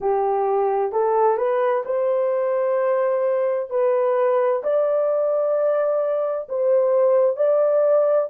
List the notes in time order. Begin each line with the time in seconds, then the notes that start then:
0.00 G4
0.91 A4
1.37 B4
1.85 C5
3.70 B4
4.63 D5
6.48 C5
7.36 D5